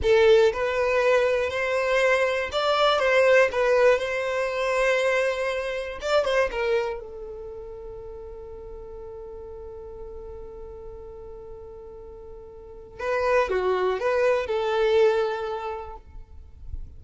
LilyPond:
\new Staff \with { instrumentName = "violin" } { \time 4/4 \tempo 4 = 120 a'4 b'2 c''4~ | c''4 d''4 c''4 b'4 | c''1 | d''8 c''8 ais'4 a'2~ |
a'1~ | a'1~ | a'2 b'4 fis'4 | b'4 a'2. | }